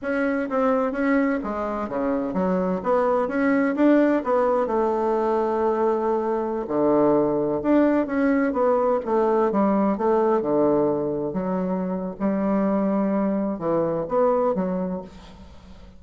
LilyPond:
\new Staff \with { instrumentName = "bassoon" } { \time 4/4 \tempo 4 = 128 cis'4 c'4 cis'4 gis4 | cis4 fis4 b4 cis'4 | d'4 b4 a2~ | a2~ a16 d4.~ d16~ |
d16 d'4 cis'4 b4 a8.~ | a16 g4 a4 d4.~ d16~ | d16 fis4.~ fis16 g2~ | g4 e4 b4 fis4 | }